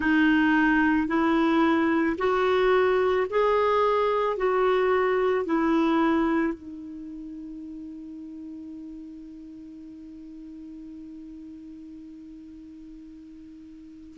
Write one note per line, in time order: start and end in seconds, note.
0.00 1.07 D#4
1.07 2.16 E4
2.18 3.27 F#4
3.30 4.36 G#4
4.36 5.45 F#4
5.45 6.53 E4
6.53 14.17 D#4